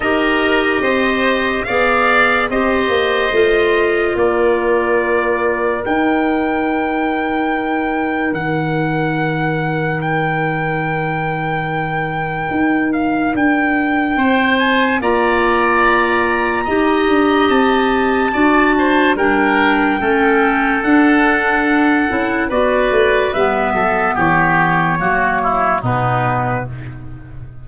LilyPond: <<
  \new Staff \with { instrumentName = "trumpet" } { \time 4/4 \tempo 4 = 72 dis''2 f''4 dis''4~ | dis''4 d''2 g''4~ | g''2 fis''2 | g''2.~ g''8 f''8 |
g''4. gis''8 ais''2~ | ais''4 a''2 g''4~ | g''4 fis''2 d''4 | e''4 cis''2 b'4 | }
  \new Staff \with { instrumentName = "oboe" } { \time 4/4 ais'4 c''4 d''4 c''4~ | c''4 ais'2.~ | ais'1~ | ais'1~ |
ais'4 c''4 d''2 | dis''2 d''8 c''8 ais'4 | a'2. b'4~ | b'8 a'8 g'4 fis'8 e'8 dis'4 | }
  \new Staff \with { instrumentName = "clarinet" } { \time 4/4 g'2 gis'4 g'4 | f'2. dis'4~ | dis'1~ | dis'1~ |
dis'2 f'2 | g'2 fis'4 d'4 | cis'4 d'4. e'8 fis'4 | b2 ais4 b4 | }
  \new Staff \with { instrumentName = "tuba" } { \time 4/4 dis'4 c'4 b4 c'8 ais8 | a4 ais2 dis'4~ | dis'2 dis2~ | dis2. dis'4 |
d'4 c'4 ais2 | dis'8 d'8 c'4 d'4 g4 | a4 d'4. cis'8 b8 a8 | g8 fis8 e4 fis4 b,4 | }
>>